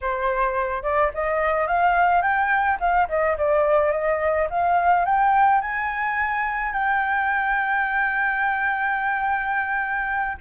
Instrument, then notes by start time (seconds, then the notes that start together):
flute
0.01 C5
0.83 D5
1.14 D#5
1.67 F5
2.21 G5
2.80 F5
3.08 D#5
3.37 D5
3.91 D#5
4.50 F5
5.05 G5
5.61 G#5
6.73 G5